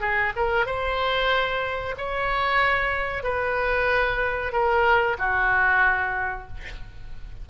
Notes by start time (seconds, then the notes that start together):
0.00 G#4
0.36 A#4
0.66 C5
1.97 C#5
3.23 B4
4.52 A#4
5.18 F#4